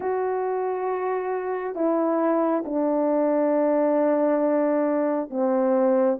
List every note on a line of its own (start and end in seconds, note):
0.00 1.75 F#4
1.75 2.63 E4
2.65 5.29 D4
5.29 6.18 C4